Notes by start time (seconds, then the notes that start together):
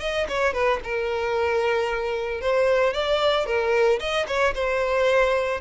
0.00 D#5
0.29 C#5
0.53 B4
0.84 A#4
2.41 C5
2.93 D5
3.46 A#4
4.00 D#5
4.27 C#5
4.54 C5